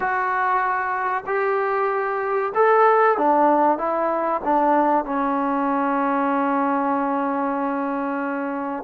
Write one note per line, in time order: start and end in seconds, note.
0.00 1.23 F#4
1.26 2.53 G4
2.54 3.18 A4
3.18 3.78 D4
3.78 4.41 E4
4.44 5.04 D4
5.04 8.83 C#4